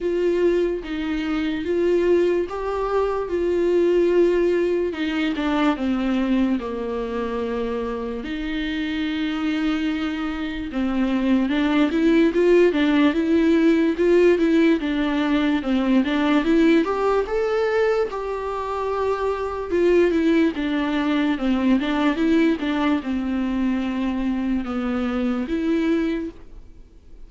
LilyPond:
\new Staff \with { instrumentName = "viola" } { \time 4/4 \tempo 4 = 73 f'4 dis'4 f'4 g'4 | f'2 dis'8 d'8 c'4 | ais2 dis'2~ | dis'4 c'4 d'8 e'8 f'8 d'8 |
e'4 f'8 e'8 d'4 c'8 d'8 | e'8 g'8 a'4 g'2 | f'8 e'8 d'4 c'8 d'8 e'8 d'8 | c'2 b4 e'4 | }